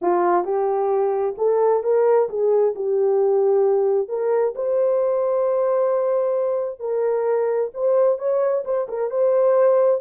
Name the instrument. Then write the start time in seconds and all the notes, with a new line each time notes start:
horn
0.01 F4
0.44 G4
1.37 A4
1.83 A#4
2.29 G#4
2.75 G4
4.08 A#4
4.55 C5
6.79 A#4
7.74 C5
8.18 C#5
8.64 C5
8.88 A#4
9.10 C5